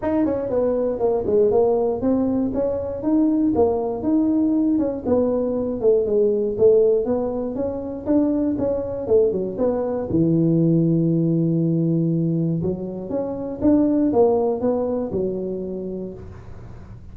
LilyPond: \new Staff \with { instrumentName = "tuba" } { \time 4/4 \tempo 4 = 119 dis'8 cis'8 b4 ais8 gis8 ais4 | c'4 cis'4 dis'4 ais4 | dis'4. cis'8 b4. a8 | gis4 a4 b4 cis'4 |
d'4 cis'4 a8 fis8 b4 | e1~ | e4 fis4 cis'4 d'4 | ais4 b4 fis2 | }